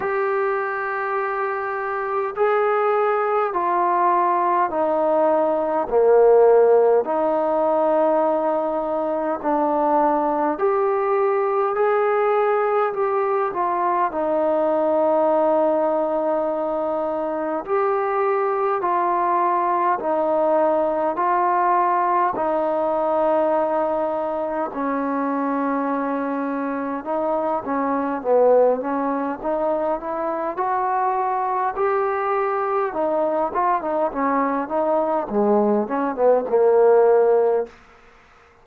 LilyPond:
\new Staff \with { instrumentName = "trombone" } { \time 4/4 \tempo 4 = 51 g'2 gis'4 f'4 | dis'4 ais4 dis'2 | d'4 g'4 gis'4 g'8 f'8 | dis'2. g'4 |
f'4 dis'4 f'4 dis'4~ | dis'4 cis'2 dis'8 cis'8 | b8 cis'8 dis'8 e'8 fis'4 g'4 | dis'8 f'16 dis'16 cis'8 dis'8 gis8 cis'16 b16 ais4 | }